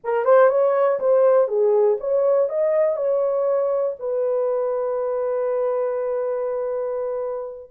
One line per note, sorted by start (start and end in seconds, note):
0.04 0.25 A#4
0.25 0.49 C5
0.49 0.99 C#5
0.99 1.48 C5
1.48 1.97 G#4
2.00 2.49 C#5
2.49 2.96 D#5
2.96 3.95 C#5
3.99 7.70 B4